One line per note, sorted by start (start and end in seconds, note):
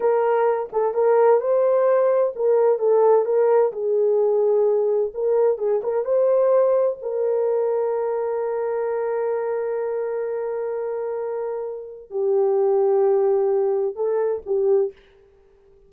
0.00 0.69 A#4
0.72 0.94 A4
0.94 1.40 A#4
1.40 2.33 C5
2.35 2.79 A#4
2.79 3.25 A4
3.25 3.71 A#4
3.72 5.12 G#4
5.14 5.58 A#4
5.58 5.81 G#4
5.83 6.04 A#4
6.04 6.97 C5
7.02 12.10 A#4
12.10 13.95 G4
13.95 14.42 A4
14.45 14.92 G4